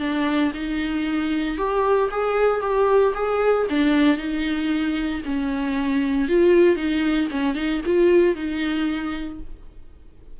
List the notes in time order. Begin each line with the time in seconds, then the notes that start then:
0.00 D4
0.54 D#4
1.58 G4
2.11 G#4
2.61 G4
3.15 G#4
3.70 D4
4.18 D#4
5.26 C#4
6.29 F4
6.76 D#4
7.31 C#4
7.55 D#4
7.86 F4
8.36 D#4